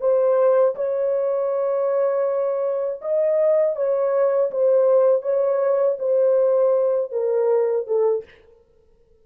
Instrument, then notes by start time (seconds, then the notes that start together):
horn
0.00 C5
0.75 C#5
3.01 D#5
3.76 C#5
4.51 C5
5.22 C#5
5.99 C5
7.12 A#4
7.87 A4